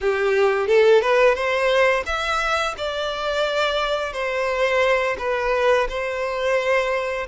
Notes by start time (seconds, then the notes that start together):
0.00 G4
0.67 A4
1.01 B4
1.34 C5
2.06 E5
2.77 D5
4.12 C5
5.18 B4
5.88 C5